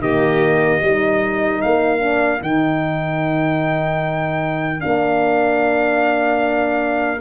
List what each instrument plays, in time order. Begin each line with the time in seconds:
0.00 tuba D#3, horn A#3, violin G4, trumpet D#5
0.81 tuba G3, horn D#4, violin A#4
1.62 tuba A#3, trumpet F5
2.00 horn D4
2.41 tuba D#3, horn D#4, trumpet G5
4.80 tuba A#3, horn D4, trumpet F5